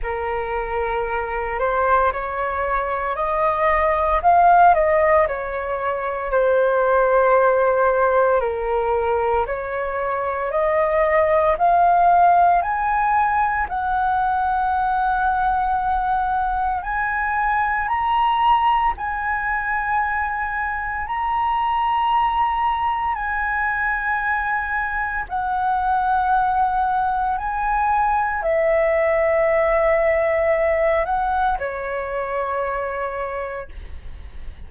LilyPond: \new Staff \with { instrumentName = "flute" } { \time 4/4 \tempo 4 = 57 ais'4. c''8 cis''4 dis''4 | f''8 dis''8 cis''4 c''2 | ais'4 cis''4 dis''4 f''4 | gis''4 fis''2. |
gis''4 ais''4 gis''2 | ais''2 gis''2 | fis''2 gis''4 e''4~ | e''4. fis''8 cis''2 | }